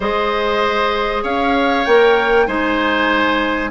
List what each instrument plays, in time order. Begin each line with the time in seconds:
0.00 bassoon G#3, clarinet G#4, oboe C5, flute D#5
1.23 bassoon C#4, oboe C#5, flute F5
1.85 bassoon A#3, clarinet A#4, flute G5
2.46 bassoon G#3, clarinet D#4, oboe C5, flute G#5